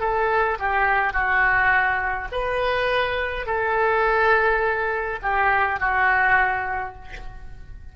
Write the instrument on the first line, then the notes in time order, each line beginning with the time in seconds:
oboe
0.00 A4
0.59 G4
1.13 F#4
2.32 B4
3.47 A4
5.22 G4
5.80 F#4